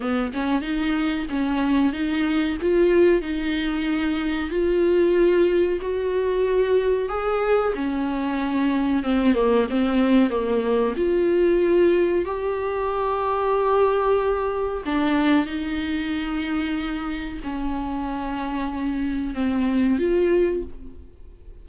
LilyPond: \new Staff \with { instrumentName = "viola" } { \time 4/4 \tempo 4 = 93 b8 cis'8 dis'4 cis'4 dis'4 | f'4 dis'2 f'4~ | f'4 fis'2 gis'4 | cis'2 c'8 ais8 c'4 |
ais4 f'2 g'4~ | g'2. d'4 | dis'2. cis'4~ | cis'2 c'4 f'4 | }